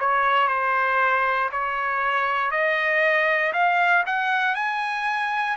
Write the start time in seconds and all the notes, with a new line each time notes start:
0.00 C#5
0.48 C5
1.52 C#5
2.51 D#5
3.53 F5
4.06 F#5
4.55 G#5